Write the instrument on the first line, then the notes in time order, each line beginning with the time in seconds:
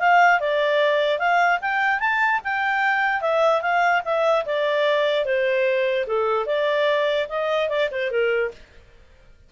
clarinet
0.00 F5
0.41 D5
1.19 F5
1.61 G5
2.00 A5
2.44 G5
3.22 E5
3.62 F5
4.05 E5
4.46 D5
5.26 C5
6.07 A4
6.46 D5
7.29 D#5
7.69 D5
7.92 C5
8.11 A#4